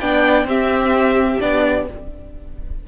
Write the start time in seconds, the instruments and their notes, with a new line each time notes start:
0.00 cello B3, viola D4, violin D5 G5
0.45 cello C4, viola C4, violin G4 E5
1.40 cello B3, viola D4, violin D5